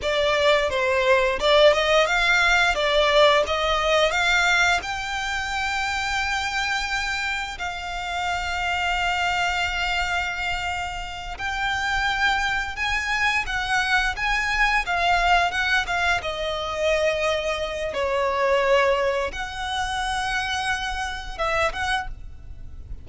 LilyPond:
\new Staff \with { instrumentName = "violin" } { \time 4/4 \tempo 4 = 87 d''4 c''4 d''8 dis''8 f''4 | d''4 dis''4 f''4 g''4~ | g''2. f''4~ | f''1~ |
f''8 g''2 gis''4 fis''8~ | fis''8 gis''4 f''4 fis''8 f''8 dis''8~ | dis''2 cis''2 | fis''2. e''8 fis''8 | }